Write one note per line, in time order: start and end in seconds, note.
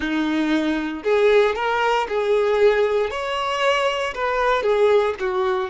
0.00 1.03 D#4
1.03 1.55 G#4
1.55 2.07 A#4
2.08 3.10 G#4
3.10 4.14 C#5
4.14 4.62 B4
4.62 5.14 G#4
5.19 5.69 F#4